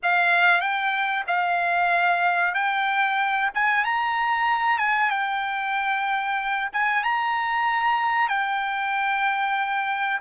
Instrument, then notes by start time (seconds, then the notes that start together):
trumpet
0.02 F5
0.60 G5
1.27 F5
2.54 G5
3.54 G#5
3.85 A#5
4.78 G#5
5.09 G5
6.73 G#5
7.03 A#5
8.28 G5